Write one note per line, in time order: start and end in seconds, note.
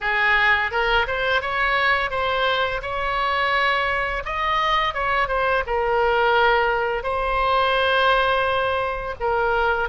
0.01 0.71 G#4
0.71 1.06 A#4
1.07 1.41 C5
1.41 2.10 C#5
2.10 2.81 C5
2.82 4.23 C#5
4.25 4.93 D#5
4.93 5.28 C#5
5.28 5.63 C5
5.66 7.03 A#4
7.03 9.15 C5
9.20 9.89 A#4